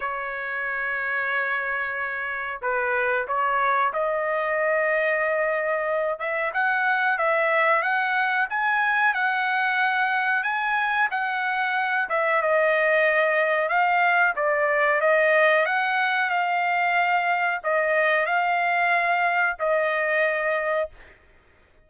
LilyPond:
\new Staff \with { instrumentName = "trumpet" } { \time 4/4 \tempo 4 = 92 cis''1 | b'4 cis''4 dis''2~ | dis''4. e''8 fis''4 e''4 | fis''4 gis''4 fis''2 |
gis''4 fis''4. e''8 dis''4~ | dis''4 f''4 d''4 dis''4 | fis''4 f''2 dis''4 | f''2 dis''2 | }